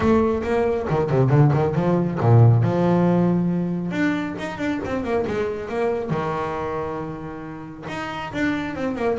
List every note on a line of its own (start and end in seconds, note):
0.00 0.42 A3
0.43 0.87 A#3
0.89 1.09 D#3
1.09 1.29 C3
1.29 1.51 D3
1.53 1.74 D#3
1.74 2.18 F3
2.20 2.62 A#2
2.62 3.91 F3
3.91 4.35 D4
4.39 4.58 D#4
4.58 4.80 D4
4.84 5.03 C4
5.03 5.25 A#3
5.27 5.68 G#3
5.68 6.10 A#3
6.10 7.85 D#3
7.88 8.32 D#4
8.32 8.75 D4
8.75 8.96 C4
8.96 9.18 A#3